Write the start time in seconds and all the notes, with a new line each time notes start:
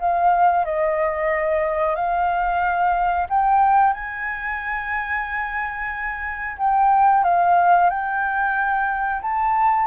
0.00 F5
0.65 D#5
1.95 F5
3.29 G5
3.93 G#5
6.58 G5
7.24 F5
7.90 G5
9.22 A5